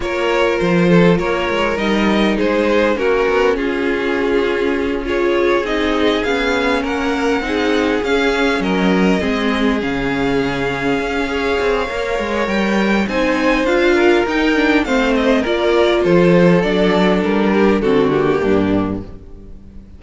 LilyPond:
<<
  \new Staff \with { instrumentName = "violin" } { \time 4/4 \tempo 4 = 101 cis''4 c''4 cis''4 dis''4 | c''4 ais'4 gis'2~ | gis'8 cis''4 dis''4 f''4 fis''8~ | fis''4. f''4 dis''4.~ |
dis''8 f''2.~ f''8~ | f''4 g''4 gis''4 f''4 | g''4 f''8 dis''8 d''4 c''4 | d''4 ais'4 a'8 g'4. | }
  \new Staff \with { instrumentName = "violin" } { \time 4/4 ais'4. a'8 ais'2 | gis'4 fis'4 f'2~ | f'8 gis'2. ais'8~ | ais'8 gis'2 ais'4 gis'8~ |
gis'2. cis''4~ | cis''2 c''4. ais'8~ | ais'4 c''4 ais'4 a'4~ | a'4. g'8 fis'4 d'4 | }
  \new Staff \with { instrumentName = "viola" } { \time 4/4 f'2. dis'4~ | dis'4 cis'2.~ | cis'8 f'4 dis'4 cis'4.~ | cis'8 dis'4 cis'2 c'8~ |
c'8 cis'2~ cis'8 gis'4 | ais'2 dis'4 f'4 | dis'8 d'8 c'4 f'2 | d'2 c'8 ais4. | }
  \new Staff \with { instrumentName = "cello" } { \time 4/4 ais4 f4 ais8 gis8 g4 | gis4 ais8 b8 cis'2~ | cis'4. c'4 b4 ais8~ | ais8 c'4 cis'4 fis4 gis8~ |
gis8 cis2 cis'4 c'8 | ais8 gis8 g4 c'4 d'4 | dis'4 a4 ais4 f4 | fis4 g4 d4 g,4 | }
>>